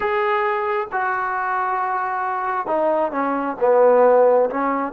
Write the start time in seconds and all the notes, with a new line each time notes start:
0.00 G#4
0.92 F#4
2.66 D#4
3.11 C#4
3.60 B3
4.50 C#4